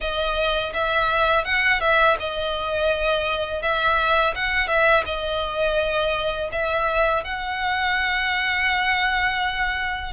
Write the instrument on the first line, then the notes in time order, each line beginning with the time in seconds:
violin
0.00 D#5
0.73 E5
1.45 F#5
1.80 E5
2.19 D#5
3.61 E5
4.35 F#5
4.67 E5
5.05 D#5
6.52 E5
7.24 F#5